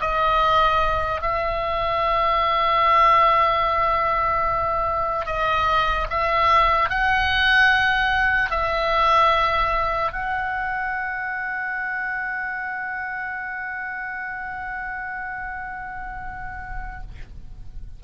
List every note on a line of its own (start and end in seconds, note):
0.00 1.21 D#5
1.21 5.26 E5
5.26 6.07 D#5
6.10 6.89 E5
6.89 8.50 F#5
8.50 10.12 E5
10.12 17.01 F#5